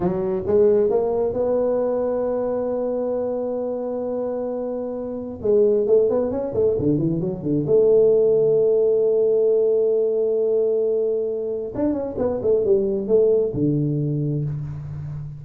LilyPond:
\new Staff \with { instrumentName = "tuba" } { \time 4/4 \tempo 4 = 133 fis4 gis4 ais4 b4~ | b1~ | b1 | gis4 a8 b8 cis'8 a8 d8 e8 |
fis8 d8 a2.~ | a1~ | a2 d'8 cis'8 b8 a8 | g4 a4 d2 | }